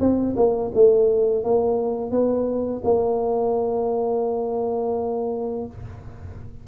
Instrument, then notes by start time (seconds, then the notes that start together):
tuba
0.00 C4
0.36 A#3
0.74 A3
1.44 A#3
2.11 B3
2.84 A#3